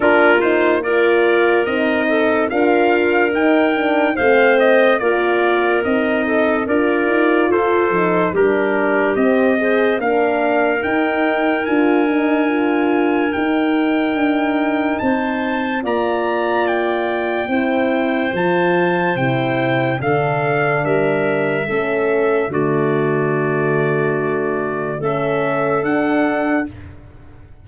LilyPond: <<
  \new Staff \with { instrumentName = "trumpet" } { \time 4/4 \tempo 4 = 72 ais'8 c''8 d''4 dis''4 f''4 | g''4 f''8 dis''8 d''4 dis''4 | d''4 c''4 ais'4 dis''4 | f''4 g''4 gis''2 |
g''2 a''4 ais''4 | g''2 a''4 g''4 | f''4 e''2 d''4~ | d''2 e''4 fis''4 | }
  \new Staff \with { instrumentName = "clarinet" } { \time 4/4 f'4 ais'4. a'8 ais'4~ | ais'4 c''4 ais'4. a'8 | ais'4 a'4 g'4. c''8 | ais'1~ |
ais'2 c''4 d''4~ | d''4 c''2. | a'4 ais'4 a'4 fis'4~ | fis'2 a'2 | }
  \new Staff \with { instrumentName = "horn" } { \time 4/4 d'8 dis'8 f'4 dis'4 f'4 | dis'8 d'8 c'4 f'4 dis'4 | f'4. dis'8 d'4 c'8 gis'8 | d'4 dis'4 f'8 dis'8 f'4 |
dis'2. f'4~ | f'4 e'4 f'4 e'4 | d'2 cis'4 a4~ | a2 cis'4 d'4 | }
  \new Staff \with { instrumentName = "tuba" } { \time 4/4 ais2 c'4 d'4 | dis'4 a4 ais4 c'4 | d'8 dis'8 f'8 f8 g4 c'4 | ais4 dis'4 d'2 |
dis'4 d'4 c'4 ais4~ | ais4 c'4 f4 c4 | d4 g4 a4 d4~ | d2 a4 d'4 | }
>>